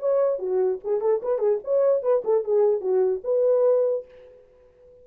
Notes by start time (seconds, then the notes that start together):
0.00 C#5
0.39 F#4
0.84 G#4
1.01 A4
1.23 B4
1.39 G#4
1.64 C#5
2.03 B4
2.25 A4
2.44 G#4
2.81 F#4
3.24 B4